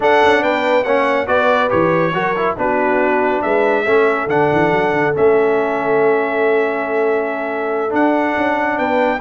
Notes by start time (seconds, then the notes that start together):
0.00 D4 A4 F#5
0.23 C#4
0.42 B3 B4 G5
0.84 A#3 C#4 C#5 F#5
1.27 B3 F#4 B4 D5
1.69 E3 G4 C#5
2.13 F#3 F#4 A#4
2.36 E4
2.56 B3 D4 F#4 B4
3.42 G#3 B4 E5
3.84 A3 C#4 A4
4.27 D3 D4 F#5
4.52 E3
4.72 F#3
4.93 D3
5.13 A3 C#4 E5
7.90 D4 F#5
8.37 C#4
8.77 B3 B4 G5